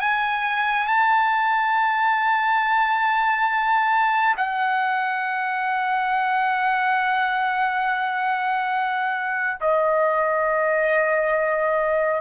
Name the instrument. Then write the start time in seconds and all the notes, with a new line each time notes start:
trumpet
0.00 G#5
0.87 A5
4.37 F#5
9.60 D#5